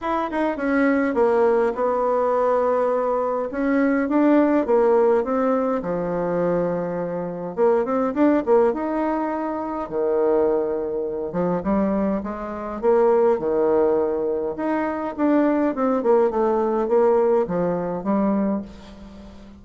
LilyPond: \new Staff \with { instrumentName = "bassoon" } { \time 4/4 \tempo 4 = 103 e'8 dis'8 cis'4 ais4 b4~ | b2 cis'4 d'4 | ais4 c'4 f2~ | f4 ais8 c'8 d'8 ais8 dis'4~ |
dis'4 dis2~ dis8 f8 | g4 gis4 ais4 dis4~ | dis4 dis'4 d'4 c'8 ais8 | a4 ais4 f4 g4 | }